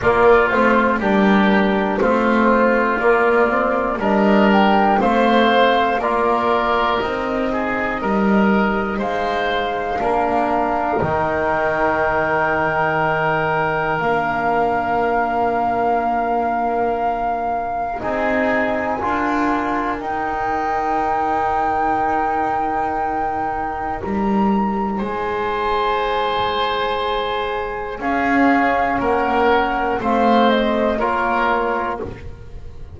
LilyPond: <<
  \new Staff \with { instrumentName = "flute" } { \time 4/4 \tempo 4 = 60 d''8 c''8 ais'4 c''4 d''4 | dis''8 g''8 f''4 d''4 dis''4~ | dis''4 f''2 g''4~ | g''2 f''2~ |
f''2 gis''2 | g''1 | ais''4 gis''2. | f''4 fis''4 f''8 dis''8 cis''4 | }
  \new Staff \with { instrumentName = "oboe" } { \time 4/4 f'4 g'4 f'2 | ais'4 c''4 ais'4. gis'8 | ais'4 c''4 ais'2~ | ais'1~ |
ais'2 gis'4 ais'4~ | ais'1~ | ais'4 c''2. | gis'4 ais'4 c''4 ais'4 | }
  \new Staff \with { instrumentName = "trombone" } { \time 4/4 ais8 c'8 d'4 c'4 ais8 c'8 | d'4 c'4 f'4 dis'4~ | dis'2 d'4 dis'4~ | dis'2 d'2~ |
d'2 dis'4 f'4 | dis'1~ | dis'1 | cis'2 c'4 f'4 | }
  \new Staff \with { instrumentName = "double bass" } { \time 4/4 ais8 a8 g4 a4 ais4 | g4 a4 ais4 c'4 | g4 gis4 ais4 dis4~ | dis2 ais2~ |
ais2 c'4 d'4 | dis'1 | g4 gis2. | cis'4 ais4 a4 ais4 | }
>>